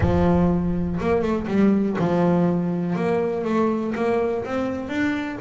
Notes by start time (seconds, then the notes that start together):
0.00 F3
1.00 A#3
1.22 A3
1.47 G3
1.98 F3
2.95 A#3
3.44 A3
3.95 A#3
4.44 C4
4.88 D4